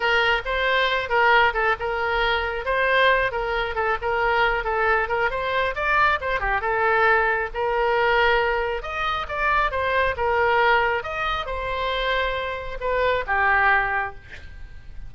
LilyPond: \new Staff \with { instrumentName = "oboe" } { \time 4/4 \tempo 4 = 136 ais'4 c''4. ais'4 a'8 | ais'2 c''4. ais'8~ | ais'8 a'8 ais'4. a'4 ais'8 | c''4 d''4 c''8 g'8 a'4~ |
a'4 ais'2. | dis''4 d''4 c''4 ais'4~ | ais'4 dis''4 c''2~ | c''4 b'4 g'2 | }